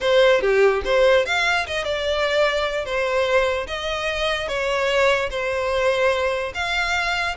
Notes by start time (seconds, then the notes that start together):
0.01 C5
0.41 G4
0.84 C5
1.25 F5
1.66 D#5
1.84 D5
2.85 C5
3.67 D#5
4.47 C#5
5.30 C5
6.54 F5